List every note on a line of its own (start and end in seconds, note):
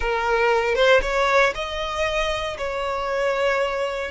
0.00 0.75 A#4
0.75 1.00 C5
1.01 1.53 C#5
1.54 2.57 D#5
2.57 4.11 C#5